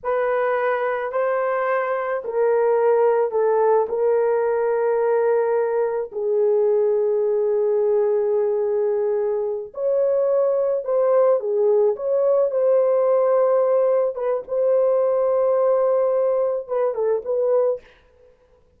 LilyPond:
\new Staff \with { instrumentName = "horn" } { \time 4/4 \tempo 4 = 108 b'2 c''2 | ais'2 a'4 ais'4~ | ais'2. gis'4~ | gis'1~ |
gis'4. cis''2 c''8~ | c''8 gis'4 cis''4 c''4.~ | c''4. b'8 c''2~ | c''2 b'8 a'8 b'4 | }